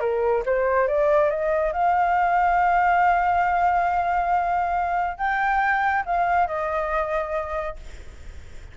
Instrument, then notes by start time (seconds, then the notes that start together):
flute
0.00 A#4
0.46 C5
0.88 D5
1.30 D#5
1.73 F5
5.18 G5
6.06 F5
6.47 D#5